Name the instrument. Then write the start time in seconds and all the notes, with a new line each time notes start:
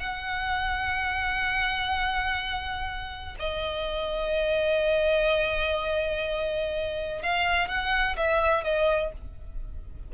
violin
0.00 F#5
3.39 D#5
7.23 F5
7.68 F#5
8.17 E5
8.64 D#5